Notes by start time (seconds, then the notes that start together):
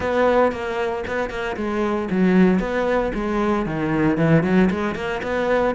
0.00 B3
0.51 A#3
1.07 B3
1.30 A#3
1.56 G#3
2.10 F#3
2.59 B3
3.14 G#3
3.65 D#3
4.17 E3
4.43 F#3
4.70 G#3
4.95 A#3
5.22 B3